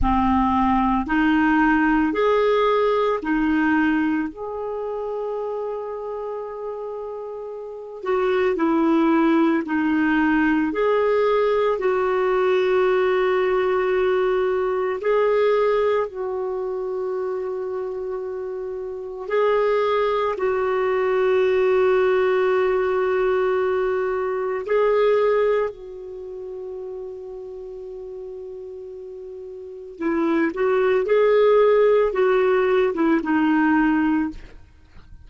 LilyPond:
\new Staff \with { instrumentName = "clarinet" } { \time 4/4 \tempo 4 = 56 c'4 dis'4 gis'4 dis'4 | gis'2.~ gis'8 fis'8 | e'4 dis'4 gis'4 fis'4~ | fis'2 gis'4 fis'4~ |
fis'2 gis'4 fis'4~ | fis'2. gis'4 | fis'1 | e'8 fis'8 gis'4 fis'8. e'16 dis'4 | }